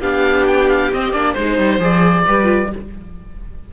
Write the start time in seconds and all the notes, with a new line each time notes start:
0.00 B3 D4 G4 F5
0.47 G5
0.69 F5
0.93 C4 D#5
1.13 A#3 D4 D5
1.34 G#3 D#4 C5
1.59 G3
1.79 F3 G#4 D5
2.26 G3 G4 B4
2.44 F4